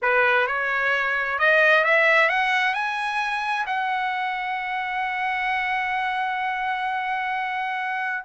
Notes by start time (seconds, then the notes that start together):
0.01 B4
0.47 C#5
1.39 D#5
1.84 E5
2.29 F#5
2.74 G#5
3.66 F#5